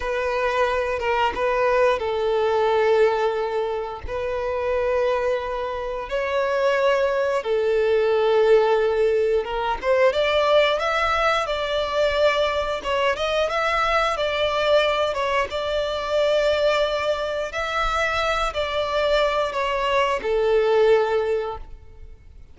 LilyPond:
\new Staff \with { instrumentName = "violin" } { \time 4/4 \tempo 4 = 89 b'4. ais'8 b'4 a'4~ | a'2 b'2~ | b'4 cis''2 a'4~ | a'2 ais'8 c''8 d''4 |
e''4 d''2 cis''8 dis''8 | e''4 d''4. cis''8 d''4~ | d''2 e''4. d''8~ | d''4 cis''4 a'2 | }